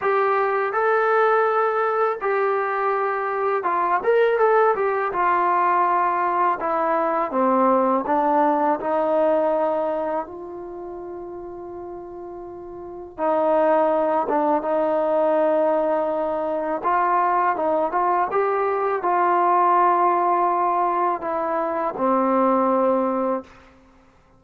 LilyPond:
\new Staff \with { instrumentName = "trombone" } { \time 4/4 \tempo 4 = 82 g'4 a'2 g'4~ | g'4 f'8 ais'8 a'8 g'8 f'4~ | f'4 e'4 c'4 d'4 | dis'2 f'2~ |
f'2 dis'4. d'8 | dis'2. f'4 | dis'8 f'8 g'4 f'2~ | f'4 e'4 c'2 | }